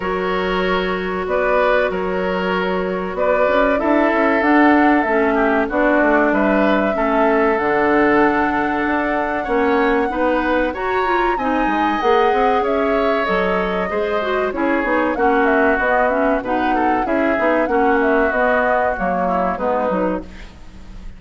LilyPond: <<
  \new Staff \with { instrumentName = "flute" } { \time 4/4 \tempo 4 = 95 cis''2 d''4 cis''4~ | cis''4 d''4 e''4 fis''4 | e''4 d''4 e''2 | fis''1~ |
fis''4 ais''4 gis''4 fis''4 | e''4 dis''2 cis''4 | fis''8 e''8 dis''8 e''8 fis''4 e''4 | fis''8 e''8 dis''4 cis''4 b'4 | }
  \new Staff \with { instrumentName = "oboe" } { \time 4/4 ais'2 b'4 ais'4~ | ais'4 b'4 a'2~ | a'8 g'8 fis'4 b'4 a'4~ | a'2. cis''4 |
b'4 cis''4 dis''2 | cis''2 c''4 gis'4 | fis'2 b'8 a'8 gis'4 | fis'2~ fis'8 e'8 dis'4 | }
  \new Staff \with { instrumentName = "clarinet" } { \time 4/4 fis'1~ | fis'2 e'4 d'4 | cis'4 d'2 cis'4 | d'2. cis'4 |
dis'4 fis'8 f'8 dis'4 gis'4~ | gis'4 a'4 gis'8 fis'8 e'8 dis'8 | cis'4 b8 cis'8 dis'4 e'8 dis'8 | cis'4 b4 ais4 b8 dis'8 | }
  \new Staff \with { instrumentName = "bassoon" } { \time 4/4 fis2 b4 fis4~ | fis4 b8 cis'8 d'8 cis'8 d'4 | a4 b8 a8 g4 a4 | d2 d'4 ais4 |
b4 fis'4 c'8 gis8 ais8 c'8 | cis'4 fis4 gis4 cis'8 b8 | ais4 b4 b,4 cis'8 b8 | ais4 b4 fis4 gis8 fis8 | }
>>